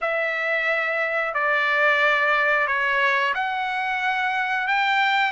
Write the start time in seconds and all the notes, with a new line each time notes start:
0.01 E5
1.33 D5
2.67 C#5
3.34 F#5
4.67 G5